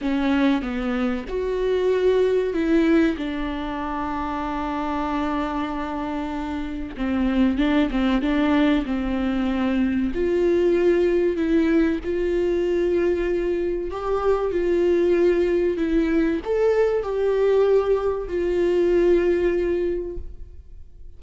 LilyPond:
\new Staff \with { instrumentName = "viola" } { \time 4/4 \tempo 4 = 95 cis'4 b4 fis'2 | e'4 d'2.~ | d'2. c'4 | d'8 c'8 d'4 c'2 |
f'2 e'4 f'4~ | f'2 g'4 f'4~ | f'4 e'4 a'4 g'4~ | g'4 f'2. | }